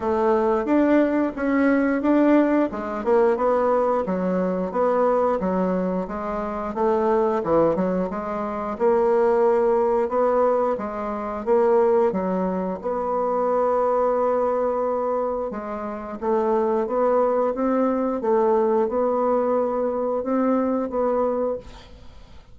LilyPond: \new Staff \with { instrumentName = "bassoon" } { \time 4/4 \tempo 4 = 89 a4 d'4 cis'4 d'4 | gis8 ais8 b4 fis4 b4 | fis4 gis4 a4 e8 fis8 | gis4 ais2 b4 |
gis4 ais4 fis4 b4~ | b2. gis4 | a4 b4 c'4 a4 | b2 c'4 b4 | }